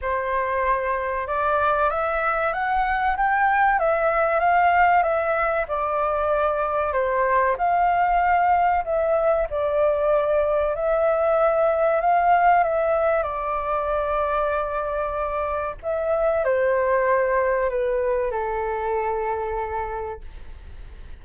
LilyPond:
\new Staff \with { instrumentName = "flute" } { \time 4/4 \tempo 4 = 95 c''2 d''4 e''4 | fis''4 g''4 e''4 f''4 | e''4 d''2 c''4 | f''2 e''4 d''4~ |
d''4 e''2 f''4 | e''4 d''2.~ | d''4 e''4 c''2 | b'4 a'2. | }